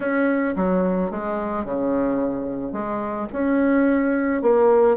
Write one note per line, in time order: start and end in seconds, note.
0.00 0.54 C#4
0.56 1.10 F#3
1.10 1.64 G#3
1.64 2.72 C#3
2.72 3.27 G#3
3.32 4.42 C#4
4.42 4.96 A#3